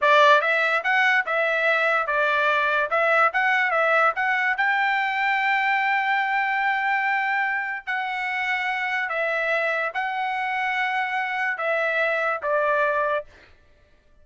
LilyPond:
\new Staff \with { instrumentName = "trumpet" } { \time 4/4 \tempo 4 = 145 d''4 e''4 fis''4 e''4~ | e''4 d''2 e''4 | fis''4 e''4 fis''4 g''4~ | g''1~ |
g''2. fis''4~ | fis''2 e''2 | fis''1 | e''2 d''2 | }